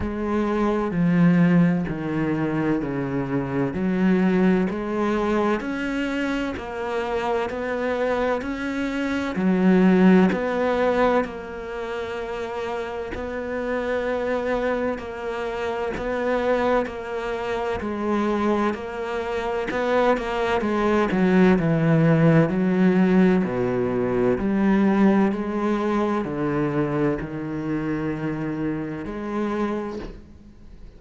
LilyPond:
\new Staff \with { instrumentName = "cello" } { \time 4/4 \tempo 4 = 64 gis4 f4 dis4 cis4 | fis4 gis4 cis'4 ais4 | b4 cis'4 fis4 b4 | ais2 b2 |
ais4 b4 ais4 gis4 | ais4 b8 ais8 gis8 fis8 e4 | fis4 b,4 g4 gis4 | d4 dis2 gis4 | }